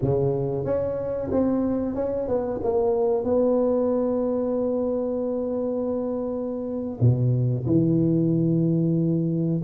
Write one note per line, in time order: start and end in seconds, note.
0.01 0.64 C#3
0.64 1.30 C#4
1.31 1.95 C4
1.95 2.27 C#4
2.27 2.60 B3
2.63 3.24 A#3
3.24 6.99 B3
7.00 7.65 B2
7.66 9.61 E3